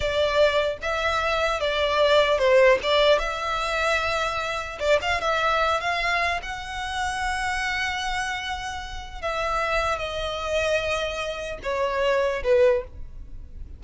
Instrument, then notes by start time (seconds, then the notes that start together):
violin
0.00 D5
0.82 E5
1.60 D5
2.38 C5
2.82 D5
3.19 E5
4.79 D5
5.01 F5
5.20 E5
5.80 F5
6.42 F#5
9.21 E5
9.98 D#5
11.62 C#5
12.43 B4